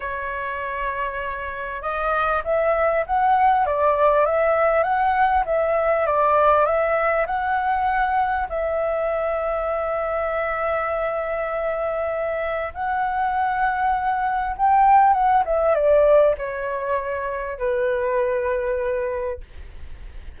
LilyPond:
\new Staff \with { instrumentName = "flute" } { \time 4/4 \tempo 4 = 99 cis''2. dis''4 | e''4 fis''4 d''4 e''4 | fis''4 e''4 d''4 e''4 | fis''2 e''2~ |
e''1~ | e''4 fis''2. | g''4 fis''8 e''8 d''4 cis''4~ | cis''4 b'2. | }